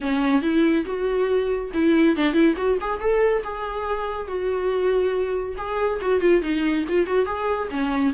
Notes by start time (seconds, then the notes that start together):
0.00 C#4
0.42 E4
0.85 F#4
1.73 E4
2.16 D4
2.33 E4
2.56 F#4
2.80 G#4
3.00 A4
3.43 G#4
4.27 F#4
5.57 G#4
6.01 F#4
6.20 F4
6.42 D#4
6.88 F4
7.06 F#4
7.25 G#4
7.70 C#4